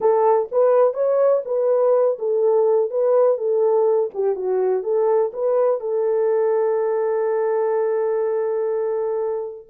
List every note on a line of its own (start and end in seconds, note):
0.00 0.49 A4
0.51 0.93 B4
0.93 1.41 C#5
1.45 2.18 B4
2.18 2.90 A4
2.90 3.37 B4
3.37 4.10 A4
4.13 4.35 G4
4.35 4.83 F#4
4.83 5.31 A4
5.33 5.80 B4
5.80 9.67 A4